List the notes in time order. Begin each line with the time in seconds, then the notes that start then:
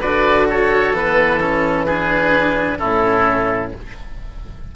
0.00 D3 F#4 B4 D5
0.49 A4 C#5
0.92 E3 B3 B4
1.40 C#4 A4
1.85 D4 G#4 B4
2.79 A2 C#4 E4 A4